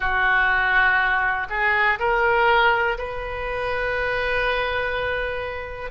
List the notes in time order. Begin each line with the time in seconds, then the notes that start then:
0.00 F#4
1.49 G#4
1.99 A#4
2.98 B4